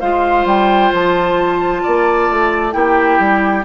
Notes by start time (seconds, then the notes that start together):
0.00 G#3 F4 C5 F5
0.45 G3 G5
0.92 F3 A5
1.83 A#3 D5
2.29 A3
2.72 A#3 E4 G4 G5
3.19 G3